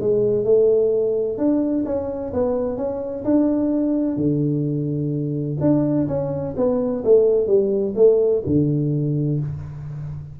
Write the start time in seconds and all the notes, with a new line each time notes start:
0.00 G#3
0.44 A3
1.37 D4
1.85 C#4
2.33 B3
2.77 C#4
3.25 D4
4.16 D3
5.60 D4
6.07 C#4
6.56 B3
7.04 A3
7.47 G3
7.95 A3
8.46 D3